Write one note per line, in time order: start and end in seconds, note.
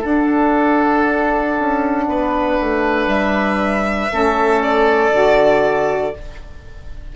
0.00 4.08 D4
0.00 1.56 D4
0.00 2.03 A4
0.00 3.09 F#5
1.59 2.08 C#4
2.08 2.58 B3
2.08 4.12 B4
2.60 3.07 A3
3.07 4.08 G3
3.07 4.61 E5
4.10 5.11 A3
4.10 5.11 C#4
4.10 6.16 A4
4.62 6.15 D5
5.11 6.12 D3
5.11 6.13 F#4